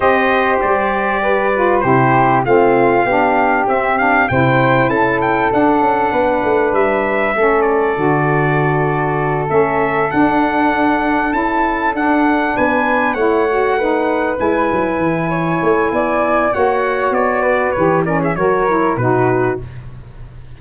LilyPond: <<
  \new Staff \with { instrumentName = "trumpet" } { \time 4/4 \tempo 4 = 98 dis''4 d''2 c''4 | f''2 e''8 f''8 g''4 | a''8 g''8 fis''2 e''4~ | e''8 d''2. e''8~ |
e''8 fis''2 a''4 fis''8~ | fis''8 gis''4 fis''2 gis''8~ | gis''2. fis''4 | d''4 cis''8 d''16 e''16 cis''4 b'4 | }
  \new Staff \with { instrumentName = "flute" } { \time 4/4 c''2 b'4 g'4 | f'4 g'2 c''4 | a'2 b'2 | a'1~ |
a'1~ | a'8 b'4 cis''4 b'4.~ | b'4 cis''4 d''4 cis''4~ | cis''8 b'4 ais'16 gis'16 ais'4 fis'4 | }
  \new Staff \with { instrumentName = "saxophone" } { \time 4/4 g'2~ g'8 f'8 e'4 | c'4 d'4 c'8 d'8 e'4~ | e'4 d'2. | cis'4 fis'2~ fis'8 cis'8~ |
cis'8 d'2 e'4 d'8~ | d'4. e'8 fis'8 dis'4 e'8~ | e'2. fis'4~ | fis'4 g'8 cis'8 fis'8 e'8 dis'4 | }
  \new Staff \with { instrumentName = "tuba" } { \time 4/4 c'4 g2 c4 | a4 b4 c'4 c4 | cis'4 d'8 cis'8 b8 a8 g4 | a4 d2~ d8 a8~ |
a8 d'2 cis'4 d'8~ | d'8 b4 a2 gis8 | fis8 e4 a8 b4 ais4 | b4 e4 fis4 b,4 | }
>>